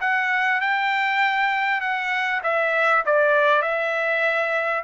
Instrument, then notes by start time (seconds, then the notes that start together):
trumpet
0.00 F#5
0.60 G5
1.80 F#5
2.43 E5
3.05 D5
3.61 E5